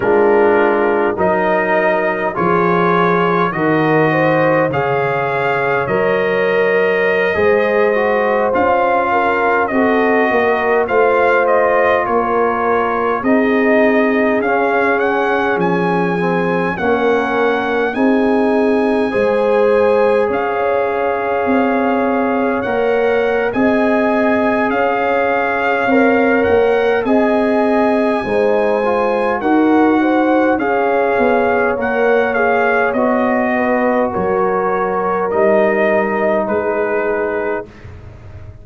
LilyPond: <<
  \new Staff \with { instrumentName = "trumpet" } { \time 4/4 \tempo 4 = 51 ais'4 dis''4 cis''4 dis''4 | f''4 dis''2~ dis''16 f''8.~ | f''16 dis''4 f''8 dis''8 cis''4 dis''8.~ | dis''16 f''8 fis''8 gis''4 fis''4 gis''8.~ |
gis''4~ gis''16 f''2 fis''8. | gis''4 f''4. fis''8 gis''4~ | gis''4 fis''4 f''4 fis''8 f''8 | dis''4 cis''4 dis''4 b'4 | }
  \new Staff \with { instrumentName = "horn" } { \time 4/4 f'4 ais'4 gis'4 ais'8 c''8 | cis''2~ cis''16 c''4. ais'16~ | ais'16 a'8 ais'8 c''4 ais'4 gis'8.~ | gis'2~ gis'16 ais'4 gis'8.~ |
gis'16 c''4 cis''2~ cis''8. | dis''4 cis''2 dis''4 | c''4 ais'8 c''8 cis''2~ | cis''8 b'8 ais'2 gis'4 | }
  \new Staff \with { instrumentName = "trombone" } { \time 4/4 d'4 dis'4 f'4 fis'4 | gis'4 ais'4~ ais'16 gis'8 fis'8 f'8.~ | f'16 fis'4 f'2 dis'8.~ | dis'16 cis'4. c'8 cis'4 dis'8.~ |
dis'16 gis'2. ais'8. | gis'2 ais'4 gis'4 | dis'8 f'8 fis'4 gis'4 ais'8 gis'8 | fis'2 dis'2 | }
  \new Staff \with { instrumentName = "tuba" } { \time 4/4 gis4 fis4 f4 dis4 | cis4 fis4~ fis16 gis4 cis'8.~ | cis'16 c'8 ais8 a4 ais4 c'8.~ | c'16 cis'4 f4 ais4 c'8.~ |
c'16 gis4 cis'4 c'4 ais8. | c'4 cis'4 c'8 ais8 c'4 | gis4 dis'4 cis'8 b8 ais4 | b4 fis4 g4 gis4 | }
>>